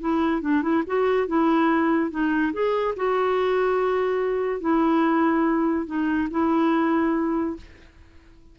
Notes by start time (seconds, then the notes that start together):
0.00 E4
0.41 D4
0.62 E4
0.87 F#4
1.27 E4
2.11 D#4
2.53 G#4
2.96 F#4
4.61 E4
5.86 D#4
6.31 E4